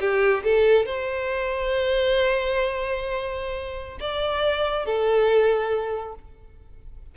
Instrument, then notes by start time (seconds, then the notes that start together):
violin
0.00 G4
0.44 A4
0.85 C5
4.00 D5
4.85 A4